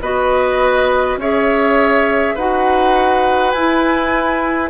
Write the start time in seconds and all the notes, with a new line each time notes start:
0.00 B3 F#4 B4 D#5
1.16 C#4 G#4 C#5 E5
2.34 D#4 F#4 B4 F#5
3.51 E4 G#5